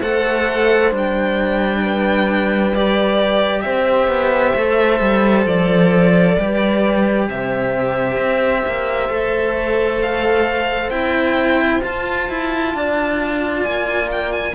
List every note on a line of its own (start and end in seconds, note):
0.00 0.91 A3
0.00 0.91 A4
0.00 1.82 C5
0.00 0.92 F#5
0.91 3.64 G3
0.91 2.73 D4
0.97 2.75 G5
1.83 3.64 B4
2.75 4.57 G4
2.75 3.61 D5
3.61 4.07 C4
3.61 6.37 C5
3.61 5.43 E5
4.07 4.53 B3
4.55 5.00 A3
4.55 6.39 A4
5.00 5.46 G3
5.46 6.37 F3
5.46 7.28 D5
6.38 7.29 G3
6.38 9.11 G4
6.38 7.29 B4
7.29 8.17 C3
7.29 12.76 C5
7.29 10.02 E5
8.17 8.62 C4
8.66 9.09 A#3
9.09 10.90 A3
9.09 10.91 A4
10.02 10.90 F5
10.90 11.81 C4
10.90 11.80 E4
10.90 11.81 G5
11.80 14.53 F4
11.80 12.29 F4
11.80 13.63 A5
12.29 12.74 E4
12.74 13.65 D4
12.74 14.55 D5
13.63 14.55 A#3
13.63 14.09 G#5
14.11 14.32 G5
14.32 14.55 G#5